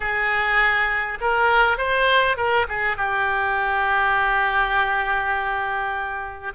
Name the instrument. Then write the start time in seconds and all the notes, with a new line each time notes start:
oboe
0.00 G#4
1.20 A#4
1.77 C5
2.36 A#4
2.68 G#4
2.96 G4